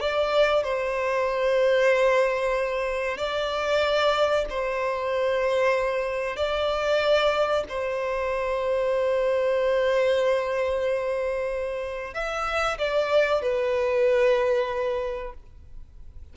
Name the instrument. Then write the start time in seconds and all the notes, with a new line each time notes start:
violin
0.00 D5
0.64 C5
3.17 D5
4.49 C5
6.36 D5
7.69 C5
12.14 E5
12.78 D5
13.42 B4